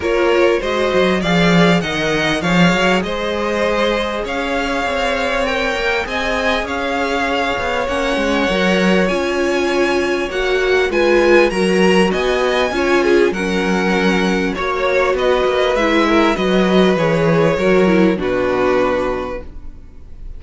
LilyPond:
<<
  \new Staff \with { instrumentName = "violin" } { \time 4/4 \tempo 4 = 99 cis''4 dis''4 f''4 fis''4 | f''4 dis''2 f''4~ | f''4 g''4 gis''4 f''4~ | f''4 fis''2 gis''4~ |
gis''4 fis''4 gis''4 ais''4 | gis''2 fis''2 | cis''4 dis''4 e''4 dis''4 | cis''2 b'2 | }
  \new Staff \with { instrumentName = "violin" } { \time 4/4 ais'4 c''4 d''4 dis''4 | cis''4 c''2 cis''4~ | cis''2 dis''4 cis''4~ | cis''1~ |
cis''2 b'4 ais'4 | dis''4 cis''8 gis'8 ais'2 | cis''4 b'4. ais'8 b'4~ | b'4 ais'4 fis'2 | }
  \new Staff \with { instrumentName = "viola" } { \time 4/4 f'4 fis'4 gis'4 ais'4 | gis'1~ | gis'4 ais'4 gis'2~ | gis'4 cis'4 ais'4 f'4~ |
f'4 fis'4 f'4 fis'4~ | fis'4 f'4 cis'2 | fis'2 e'4 fis'4 | gis'4 fis'8 e'8 d'2 | }
  \new Staff \with { instrumentName = "cello" } { \time 4/4 ais4 gis8 fis8 f4 dis4 | f8 fis8 gis2 cis'4 | c'4. ais8 c'4 cis'4~ | cis'8 b8 ais8 gis8 fis4 cis'4~ |
cis'4 ais4 gis4 fis4 | b4 cis'4 fis2 | ais4 b8 ais8 gis4 fis4 | e4 fis4 b,2 | }
>>